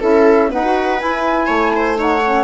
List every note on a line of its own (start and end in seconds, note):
0.00 0.51 C#4
0.00 0.49 E4
0.00 0.49 A4
0.00 0.52 E5
0.49 0.62 B3
0.49 1.02 D#4
0.49 1.47 B4
0.49 1.00 F#5
0.63 0.98 F#4
0.98 1.96 E4
0.98 1.49 E4
0.98 1.98 G#5
1.47 2.44 A3
1.47 1.71 C#5
1.76 1.99 C5
1.97 2.21 D#4
1.97 2.44 C#5
1.97 2.44 F#5
2.25 2.44 C#4